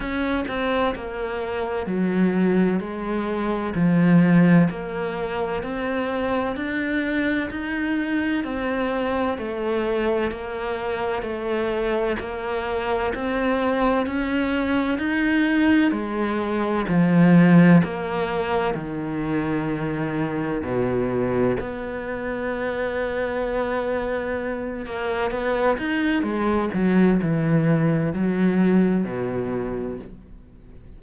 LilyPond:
\new Staff \with { instrumentName = "cello" } { \time 4/4 \tempo 4 = 64 cis'8 c'8 ais4 fis4 gis4 | f4 ais4 c'4 d'4 | dis'4 c'4 a4 ais4 | a4 ais4 c'4 cis'4 |
dis'4 gis4 f4 ais4 | dis2 b,4 b4~ | b2~ b8 ais8 b8 dis'8 | gis8 fis8 e4 fis4 b,4 | }